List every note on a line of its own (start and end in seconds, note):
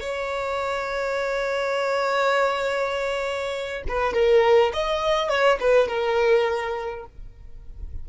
0.00 3.82 C#5
3.88 4.13 B4
4.13 4.72 A#4
4.73 5.29 D#5
5.29 5.58 C#5
5.60 5.87 B4
5.87 7.05 A#4